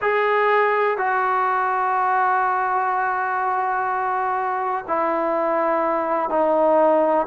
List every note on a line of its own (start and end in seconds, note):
0.01 0.97 G#4
0.97 4.84 F#4
4.87 6.29 E4
6.29 7.26 D#4